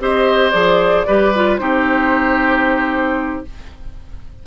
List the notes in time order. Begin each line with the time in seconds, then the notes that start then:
0.00 C4 G4 C5 D#5
0.51 F3 G#4 D5
1.07 G3 G4 B4
1.35 F4
1.57 C4 D#4 G4 C5